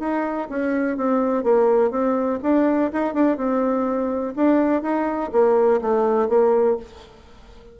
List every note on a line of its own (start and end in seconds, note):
0.00 0.48 D#4
0.50 0.97 C#4
0.97 1.44 C4
1.44 1.91 A#3
1.91 2.40 C4
2.43 2.92 D4
2.93 3.14 D#4
3.14 3.38 D4
3.38 4.34 C4
4.36 4.83 D4
4.83 5.31 D#4
5.33 5.81 A#3
5.82 6.29 A3
6.29 6.77 A#3